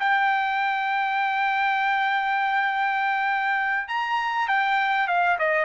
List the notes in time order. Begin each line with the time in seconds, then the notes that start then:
0.00 G5
3.88 A#5
4.48 G5
5.08 F5
5.39 D#5